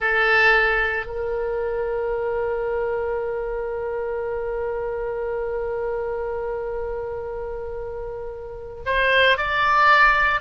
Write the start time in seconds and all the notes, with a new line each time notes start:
0.00 A4
1.06 A#4
8.85 C5
9.37 D5